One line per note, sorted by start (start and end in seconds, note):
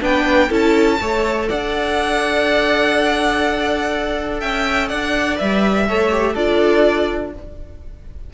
0.00 0.50 B3
0.00 0.49 D4
0.00 0.48 B4
0.00 0.52 G5
0.48 0.99 C#4
0.48 0.98 E4
0.48 0.97 A4
0.48 1.49 A5
1.01 1.49 A3
1.01 5.36 A4
1.01 1.48 C#5
1.48 4.42 D4
1.48 4.40 D5
1.48 4.40 F#5
4.40 4.91 C#4
4.40 4.88 E5
4.40 4.88 G5
4.88 5.40 D4
4.88 5.86 D5
4.88 5.37 F#5
5.36 5.89 G3
5.36 5.85 B4
5.36 6.35 E5
5.88 6.35 A3
5.88 6.11 A4
5.88 6.33 C#5
6.11 6.36 G4
6.33 7.33 D4
6.33 7.33 F4
6.33 7.31 A4
6.33 7.33 D5